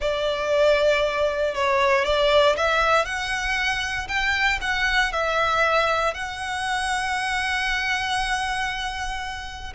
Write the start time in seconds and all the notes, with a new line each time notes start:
0.00 D5
1.54 C#5
2.04 D5
2.56 E5
3.05 F#5
4.08 G5
4.61 F#5
5.12 E5
6.14 F#5